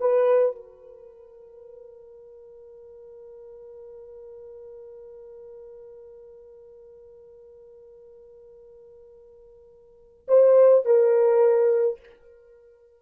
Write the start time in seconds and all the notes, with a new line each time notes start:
0.00 B4
0.56 A#4
10.28 C5
10.85 A#4